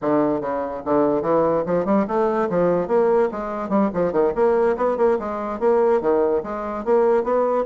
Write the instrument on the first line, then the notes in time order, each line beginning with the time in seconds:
bassoon
0.01 D3
0.40 C#3
0.85 D3
1.22 E3
1.66 F3
1.85 G3
2.07 A3
2.49 F3
2.87 A#3
3.31 G#3
3.69 G3
3.93 F3
4.12 D#3
4.35 A#3
4.76 B3
4.97 A#3
5.19 G#3
5.59 A#3
6.01 D#3
6.43 G#3
6.84 A#3
7.23 B3